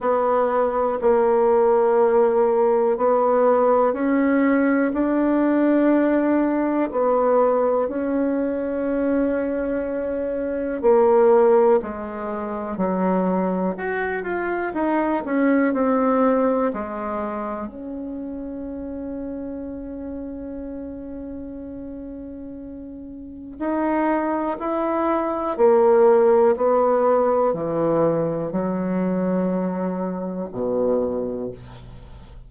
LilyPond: \new Staff \with { instrumentName = "bassoon" } { \time 4/4 \tempo 4 = 61 b4 ais2 b4 | cis'4 d'2 b4 | cis'2. ais4 | gis4 fis4 fis'8 f'8 dis'8 cis'8 |
c'4 gis4 cis'2~ | cis'1 | dis'4 e'4 ais4 b4 | e4 fis2 b,4 | }